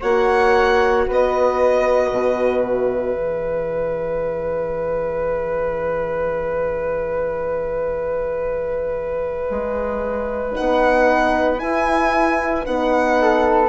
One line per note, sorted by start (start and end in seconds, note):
0.00 1.08 A#3
0.00 3.16 F#4
0.00 1.05 C#5
0.00 1.07 F#5
1.07 2.11 B3
1.07 13.17 B4
1.07 2.65 D#5
2.11 3.16 B2
2.65 10.55 E5
3.16 9.48 E3
3.16 10.51 G#4
9.50 10.55 G#3
10.51 11.57 D#4
10.51 11.59 F#5
10.59 11.62 B3
11.57 12.62 E4
11.57 12.66 E4
11.57 12.64 G#5
12.66 13.68 B3
12.66 13.68 D#4
12.66 13.68 F#5
13.21 13.68 A4